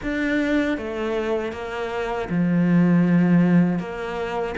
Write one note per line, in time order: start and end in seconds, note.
0.02 0.77 D4
0.77 1.52 A3
1.52 2.28 A#3
2.29 3.79 F3
3.79 4.55 A#3